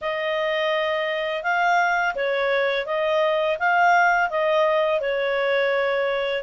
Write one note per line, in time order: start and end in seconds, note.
0.01 1.43 D#5
1.43 2.14 F5
2.15 2.86 C#5
2.86 3.57 D#5
3.59 4.30 F5
4.30 5.00 D#5
5.00 6.43 C#5